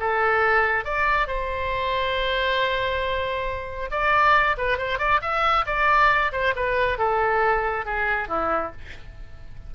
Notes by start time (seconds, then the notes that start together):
0.00 A4
0.85 D5
1.28 C5
3.91 D5
4.58 B4
4.78 C5
4.99 D5
5.22 E5
5.66 D5
6.32 C5
6.56 B4
6.99 A4
7.86 G#4
8.28 E4